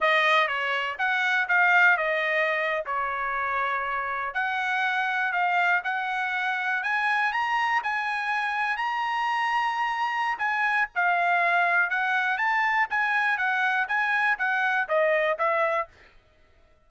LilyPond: \new Staff \with { instrumentName = "trumpet" } { \time 4/4 \tempo 4 = 121 dis''4 cis''4 fis''4 f''4 | dis''4.~ dis''16 cis''2~ cis''16~ | cis''8. fis''2 f''4 fis''16~ | fis''4.~ fis''16 gis''4 ais''4 gis''16~ |
gis''4.~ gis''16 ais''2~ ais''16~ | ais''4 gis''4 f''2 | fis''4 a''4 gis''4 fis''4 | gis''4 fis''4 dis''4 e''4 | }